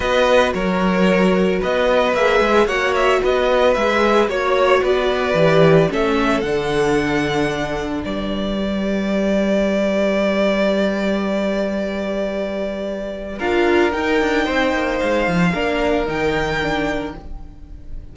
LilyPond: <<
  \new Staff \with { instrumentName = "violin" } { \time 4/4 \tempo 4 = 112 dis''4 cis''2 dis''4 | e''4 fis''8 e''8 dis''4 e''4 | cis''4 d''2 e''4 | fis''2. d''4~ |
d''1~ | d''1~ | d''4 f''4 g''2 | f''2 g''2 | }
  \new Staff \with { instrumentName = "violin" } { \time 4/4 b'4 ais'2 b'4~ | b'4 cis''4 b'2 | cis''4 b'2 a'4~ | a'2. b'4~ |
b'1~ | b'1~ | b'4 ais'2 c''4~ | c''4 ais'2. | }
  \new Staff \with { instrumentName = "viola" } { \time 4/4 fis'1 | gis'4 fis'2 gis'4 | fis'2 g'4 cis'4 | d'1 |
g'1~ | g'1~ | g'4 f'4 dis'2~ | dis'4 d'4 dis'4 d'4 | }
  \new Staff \with { instrumentName = "cello" } { \time 4/4 b4 fis2 b4 | ais8 gis8 ais4 b4 gis4 | ais4 b4 e4 a4 | d2. g4~ |
g1~ | g1~ | g4 d'4 dis'8 d'8 c'8 ais8 | gis8 f8 ais4 dis2 | }
>>